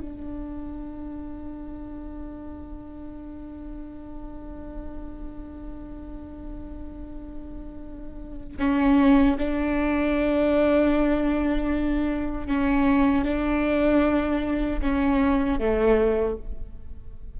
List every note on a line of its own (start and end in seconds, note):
0.00 8.57 D4
8.59 9.36 C#4
9.38 12.47 D4
12.47 13.24 C#4
13.24 14.80 D4
14.81 15.59 C#4
15.59 16.37 A3